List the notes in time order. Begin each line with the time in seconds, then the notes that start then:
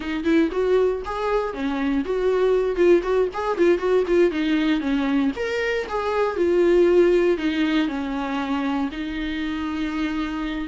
0.00 D#4
0.24 E4
0.51 F#4
1.05 G#4
1.53 C#4
2.05 F#4
2.76 F4
3.02 F#4
3.33 G#4
3.57 F4
3.78 F#4
4.07 F4
4.31 D#4
4.80 C#4
5.36 A#4
5.88 G#4
6.36 F4
7.37 D#4
7.88 C#4
8.91 D#4